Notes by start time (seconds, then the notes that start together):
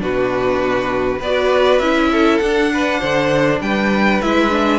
0.00 B2 D4 F#4 B4
1.20 B3 B4 D5
1.26 F#4
1.80 C#4 E4 E5
2.12 A4
2.39 D4 F#5
2.74 B4
3.00 D3 C5
3.61 G3 B4 G5
4.22 G#3 E4 E5
4.51 D4